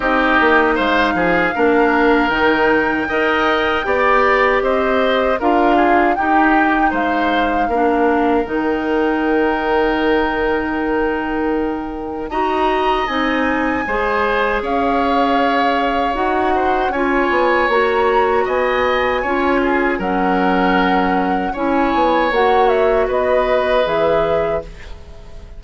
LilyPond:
<<
  \new Staff \with { instrumentName = "flute" } { \time 4/4 \tempo 4 = 78 dis''4 f''2 g''4~ | g''2 dis''4 f''4 | g''4 f''2 g''4~ | g''1 |
ais''4 gis''2 f''4~ | f''4 fis''4 gis''4 ais''4 | gis''2 fis''2 | gis''4 fis''8 e''8 dis''4 e''4 | }
  \new Staff \with { instrumentName = "oboe" } { \time 4/4 g'4 c''8 gis'8 ais'2 | dis''4 d''4 c''4 ais'8 gis'8 | g'4 c''4 ais'2~ | ais'1 |
dis''2 c''4 cis''4~ | cis''4. c''8 cis''2 | dis''4 cis''8 gis'8 ais'2 | cis''2 b'2 | }
  \new Staff \with { instrumentName = "clarinet" } { \time 4/4 dis'2 d'4 dis'4 | ais'4 g'2 f'4 | dis'2 d'4 dis'4~ | dis'1 |
fis'4 dis'4 gis'2~ | gis'4 fis'4 f'4 fis'4~ | fis'4 f'4 cis'2 | e'4 fis'2 gis'4 | }
  \new Staff \with { instrumentName = "bassoon" } { \time 4/4 c'8 ais8 gis8 f8 ais4 dis4 | dis'4 b4 c'4 d'4 | dis'4 gis4 ais4 dis4~ | dis1 |
dis'4 c'4 gis4 cis'4~ | cis'4 dis'4 cis'8 b8 ais4 | b4 cis'4 fis2 | cis'8 b8 ais4 b4 e4 | }
>>